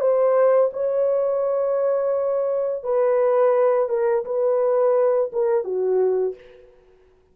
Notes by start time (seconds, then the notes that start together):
0.00 C5
0.73 C#5
2.83 B4
3.89 A#4
4.25 B4
5.32 A#4
5.64 F#4